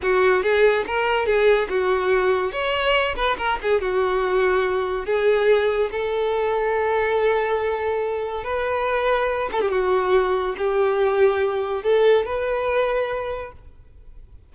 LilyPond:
\new Staff \with { instrumentName = "violin" } { \time 4/4 \tempo 4 = 142 fis'4 gis'4 ais'4 gis'4 | fis'2 cis''4. b'8 | ais'8 gis'8 fis'2. | gis'2 a'2~ |
a'1 | b'2~ b'8 a'16 g'16 fis'4~ | fis'4 g'2. | a'4 b'2. | }